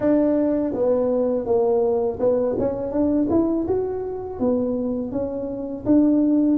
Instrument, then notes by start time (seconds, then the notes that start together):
tuba
0.00 D4
0.73 B3
1.45 A#3
2.19 B3
2.58 C#4
2.91 D4
3.30 E4
3.67 F#4
4.39 B3
5.11 C#4
5.85 D4